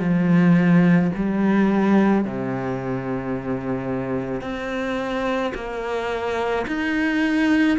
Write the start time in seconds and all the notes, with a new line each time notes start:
0.00 F3
1.16 G3
2.25 C3
4.41 C4
5.55 A#3
6.68 D#4